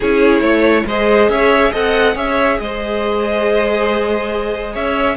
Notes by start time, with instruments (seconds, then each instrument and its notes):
0.00 cello C#4, viola E4, violin G#4 C#5
0.41 cello A3, violin C#5
0.85 cello G#3, viola G#4, violin C5 D#5
1.29 cello C#4, violin C#5 E5
1.71 cello C4, viola A4, violin D#5 F#5
2.14 cello C#4, viola G#4, violin C#5 E5
2.60 cello G#3, violin C5 D#5
4.73 cello C#4, violin C#5 E5